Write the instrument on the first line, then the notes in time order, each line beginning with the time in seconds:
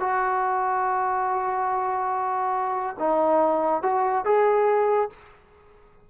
trombone
0.00 F#4
2.99 D#4
3.82 F#4
4.25 G#4